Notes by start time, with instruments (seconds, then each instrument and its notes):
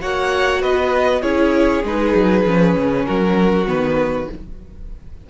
0.00 cello A#3, viola F#4, violin C#5 F#5
0.61 cello B3, violin B4 D#5
1.22 cello C#4, viola E4, violin G#4 C#5
1.83 cello G#3, viola D#4, violin B4
2.15 cello F#3
2.46 cello F3, viola C#4
2.77 cello C#3
3.05 cello F#3, violin F#4 A#4
3.66 cello D#3, viola B3, violin B4